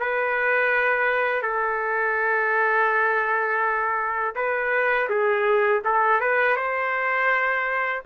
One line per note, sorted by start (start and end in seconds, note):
0.00 1.43 B4
1.43 4.35 A4
4.36 5.09 B4
5.10 5.83 G#4
5.85 6.21 A4
6.21 6.57 B4
6.57 8.03 C5